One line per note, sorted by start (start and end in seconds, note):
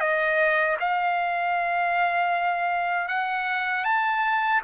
0.00 0.77 D#5
0.80 3.08 F5
3.08 3.85 F#5
3.85 4.62 A5